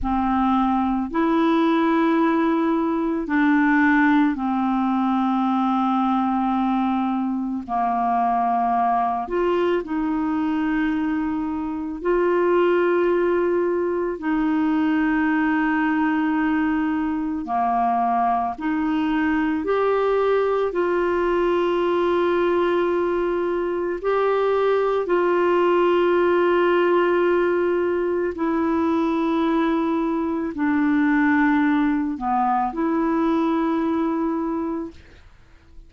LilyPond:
\new Staff \with { instrumentName = "clarinet" } { \time 4/4 \tempo 4 = 55 c'4 e'2 d'4 | c'2. ais4~ | ais8 f'8 dis'2 f'4~ | f'4 dis'2. |
ais4 dis'4 g'4 f'4~ | f'2 g'4 f'4~ | f'2 e'2 | d'4. b8 e'2 | }